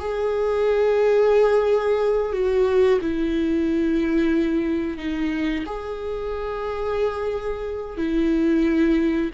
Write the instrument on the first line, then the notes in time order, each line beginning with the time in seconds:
viola
0.00 G#4
2.33 F#4
3.02 E4
4.98 D#4
5.66 G#4
7.98 E4